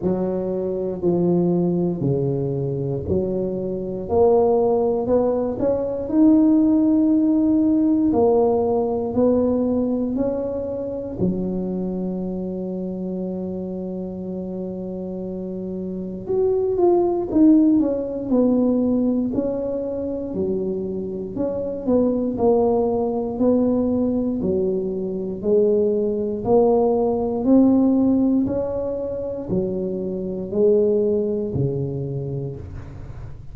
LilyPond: \new Staff \with { instrumentName = "tuba" } { \time 4/4 \tempo 4 = 59 fis4 f4 cis4 fis4 | ais4 b8 cis'8 dis'2 | ais4 b4 cis'4 fis4~ | fis1 |
fis'8 f'8 dis'8 cis'8 b4 cis'4 | fis4 cis'8 b8 ais4 b4 | fis4 gis4 ais4 c'4 | cis'4 fis4 gis4 cis4 | }